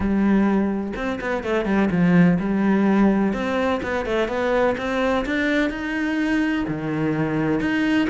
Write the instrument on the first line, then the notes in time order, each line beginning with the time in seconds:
cello
0.00 G3
0.95 C4
1.20 B3
1.43 A3
1.65 G3
1.90 F3
2.39 G3
3.33 C4
3.82 B3
4.05 A3
4.27 B3
4.77 C4
5.25 D4
5.69 D#4
6.68 D#3
7.60 D#4